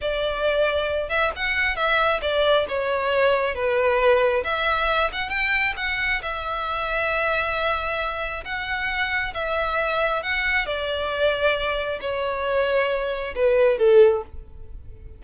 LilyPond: \new Staff \with { instrumentName = "violin" } { \time 4/4 \tempo 4 = 135 d''2~ d''8 e''8 fis''4 | e''4 d''4 cis''2 | b'2 e''4. fis''8 | g''4 fis''4 e''2~ |
e''2. fis''4~ | fis''4 e''2 fis''4 | d''2. cis''4~ | cis''2 b'4 a'4 | }